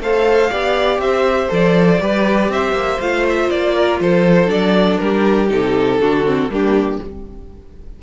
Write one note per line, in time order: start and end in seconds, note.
0.00 0.50 A3
0.00 0.51 A4
0.00 0.51 C5
0.00 1.00 F5
0.51 0.99 B3
0.51 1.49 G4
0.51 1.01 D5
0.99 1.49 C4
0.99 2.02 C5
0.99 1.50 E5
1.49 2.01 F3
1.49 1.99 A4
1.49 2.53 D5
2.01 2.49 G3
2.01 3.01 G4
2.01 2.52 B4
2.49 2.73 C4
2.49 3.75 C5
2.49 3.01 E5
2.73 2.98 A#3
3.00 3.50 A3
3.00 4.47 F4
3.00 3.26 F5
3.30 3.50 E5
3.50 4.01 A#3
3.50 4.00 D5
3.75 4.00 A#4
4.01 4.49 F3
4.01 5.02 A4
4.01 4.51 C5
4.47 4.99 F#3
4.47 5.47 D4
4.47 4.99 D5
4.99 5.51 G3
4.99 6.01 G4
4.99 5.49 A#4
5.50 6.01 C3
5.50 6.00 D#4
5.50 6.52 A4
6.01 6.49 D3
6.01 6.26 D4
6.01 6.51 F#4
6.26 6.51 C4
6.49 6.99 G3
6.49 7.01 A#3
6.49 7.02 D4
6.49 7.03 G4